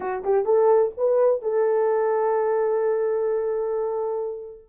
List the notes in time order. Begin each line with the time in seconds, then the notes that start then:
0.00 F#4
0.24 G4
0.45 A4
0.97 B4
1.42 A4